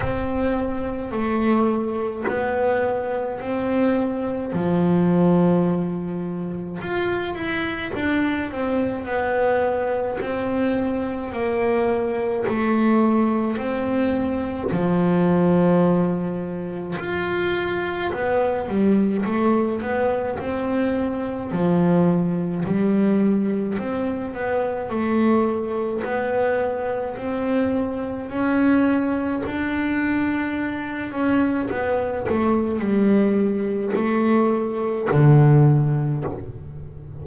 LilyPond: \new Staff \with { instrumentName = "double bass" } { \time 4/4 \tempo 4 = 53 c'4 a4 b4 c'4 | f2 f'8 e'8 d'8 c'8 | b4 c'4 ais4 a4 | c'4 f2 f'4 |
b8 g8 a8 b8 c'4 f4 | g4 c'8 b8 a4 b4 | c'4 cis'4 d'4. cis'8 | b8 a8 g4 a4 d4 | }